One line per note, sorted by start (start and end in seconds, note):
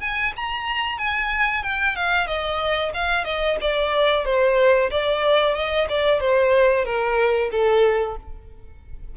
0.00 0.33 G#5
0.36 0.98 A#5
0.98 1.63 G#5
1.63 1.95 G5
1.96 2.27 F5
2.27 2.92 D#5
2.93 3.24 F5
3.24 3.57 D#5
3.61 4.25 D5
4.25 4.90 C5
4.90 5.54 D5
5.54 5.87 D#5
5.89 6.20 D5
6.20 6.84 C5
6.84 7.50 A#4
7.51 8.16 A4